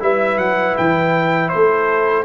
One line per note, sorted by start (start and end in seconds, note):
0.00 0.37 G3
0.00 2.24 E4
0.00 1.52 B4
0.00 0.38 E5
0.37 0.75 F#3
0.37 0.75 F#5
0.77 1.53 E3
0.77 1.49 G5
1.49 2.24 A3
1.49 2.24 A4
1.49 2.24 C5